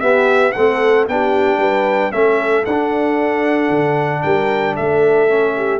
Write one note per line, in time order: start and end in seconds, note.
0.00 0.54 B3
0.00 0.55 B3
0.00 0.53 G4
0.00 0.52 E5
0.52 1.08 A3
0.52 1.09 C4
0.52 1.05 F#5
0.58 1.11 A4
1.08 1.57 B3
1.08 2.12 D4
1.08 1.60 G4
1.08 2.12 G5
1.57 2.10 G3
1.57 2.12 B4
2.12 2.66 A3
2.12 2.65 C#4
2.12 4.24 A4
2.12 2.65 E5
2.65 3.70 D4
2.65 5.29 D4
2.65 4.22 F#5
3.70 4.22 D3
4.22 4.77 G3
4.22 4.75 A#4
4.22 4.75 G5
4.75 5.80 A3
4.75 5.54 A4
4.75 5.80 E5
5.29 5.80 C#4
5.56 5.80 G4